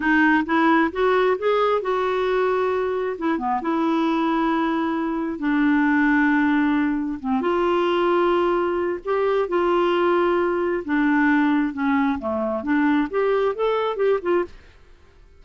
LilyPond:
\new Staff \with { instrumentName = "clarinet" } { \time 4/4 \tempo 4 = 133 dis'4 e'4 fis'4 gis'4 | fis'2. e'8 b8 | e'1 | d'1 |
c'8 f'2.~ f'8 | g'4 f'2. | d'2 cis'4 a4 | d'4 g'4 a'4 g'8 f'8 | }